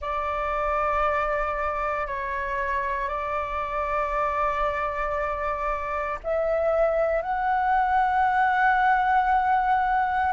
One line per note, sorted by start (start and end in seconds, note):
0.00 2.06 D5
2.06 3.08 C#5
3.08 6.18 D5
6.24 7.22 E5
7.22 10.32 F#5